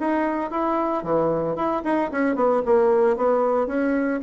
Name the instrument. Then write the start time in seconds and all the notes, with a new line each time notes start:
bassoon
0.00 D#4
0.51 E4
1.04 E3
1.56 E4
1.84 D#4
2.12 C#4
2.36 B3
2.66 A#3
3.17 B3
3.67 C#4